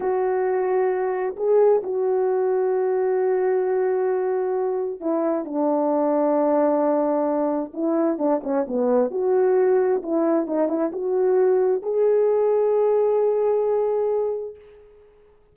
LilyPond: \new Staff \with { instrumentName = "horn" } { \time 4/4 \tempo 4 = 132 fis'2. gis'4 | fis'1~ | fis'2. e'4 | d'1~ |
d'4 e'4 d'8 cis'8 b4 | fis'2 e'4 dis'8 e'8 | fis'2 gis'2~ | gis'1 | }